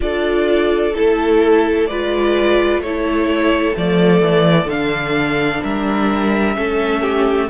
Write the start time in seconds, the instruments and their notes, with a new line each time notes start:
0.00 cello D4, viola F4, violin A4 D5
0.94 cello A3, viola E4, violin A4
1.87 cello G#3, viola F4, violin B4 D5
2.78 cello A3, violin A4 C#5
2.85 viola E4
3.74 cello F3, viola A3, violin D5
4.21 cello E3
4.65 cello D3, viola D4, violin F5
5.62 cello G3, violin A#4 E5
6.54 cello A3, viola C#4, violin A4
7.02 violin G4